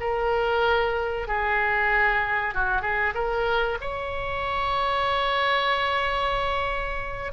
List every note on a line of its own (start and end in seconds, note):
0.00 1.28 A#4
1.28 2.54 G#4
2.54 2.82 F#4
2.82 3.14 G#4
3.14 3.78 A#4
3.81 7.32 C#5